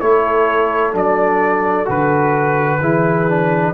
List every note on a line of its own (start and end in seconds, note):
0.00 0.94 A3
0.00 0.93 E4
0.00 2.80 A4
0.00 0.94 C#5
0.93 1.88 F#3
0.93 1.85 D4
0.93 1.89 D5
1.85 2.80 D3
1.85 2.79 F#4
1.85 3.74 B4
2.80 3.74 E3
2.80 3.28 E4
2.80 3.74 G#4
3.28 3.74 D4